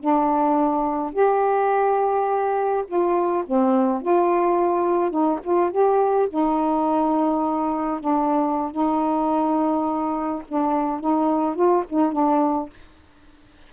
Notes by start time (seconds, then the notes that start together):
0.00 D4
1.13 G4
2.87 F4
3.46 C4
4.02 F4
5.11 D#4
5.44 F4
5.71 G4
6.30 D#4
8.00 D4
8.71 D#4
10.48 D4
11.01 D#4
11.56 F4
11.90 D#4
12.12 D4